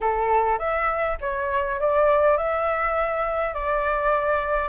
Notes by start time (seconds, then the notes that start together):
0.00 A4
0.59 E5
1.21 C#5
1.79 D5
2.37 E5
3.54 D5